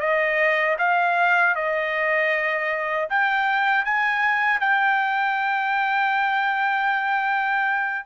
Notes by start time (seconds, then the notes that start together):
0.00 D#5
0.78 F5
1.55 D#5
3.09 G5
3.85 G#5
4.60 G5